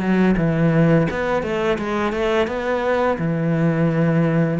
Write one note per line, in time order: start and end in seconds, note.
0.00 0.35 F#3
0.37 1.07 E3
1.10 1.43 B3
1.43 1.78 A3
1.78 2.12 G#3
2.12 2.47 A3
2.47 3.18 B3
3.18 4.59 E3